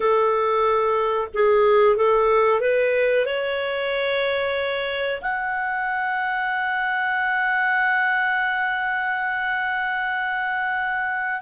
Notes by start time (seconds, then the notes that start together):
0.00 A4
1.34 G#4
1.96 A4
2.60 B4
3.25 C#5
5.21 F#5